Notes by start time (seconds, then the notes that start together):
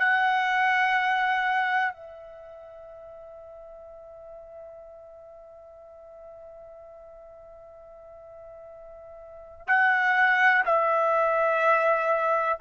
0.00 F#5
1.94 E5
9.68 F#5
10.66 E5